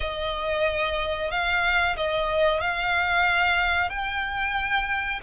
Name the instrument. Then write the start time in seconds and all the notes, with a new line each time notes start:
violin
0.00 D#5
1.30 F5
1.96 D#5
2.61 F5
3.89 G5